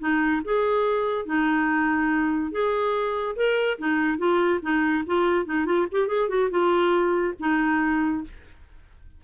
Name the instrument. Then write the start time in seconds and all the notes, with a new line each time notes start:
clarinet
0.00 D#4
0.45 G#4
1.26 D#4
2.52 G#4
3.36 A#4
3.79 D#4
4.19 F4
4.62 D#4
5.07 F4
5.46 D#4
5.66 F4
5.92 G4
6.08 G#4
6.29 F#4
6.51 F4
7.40 D#4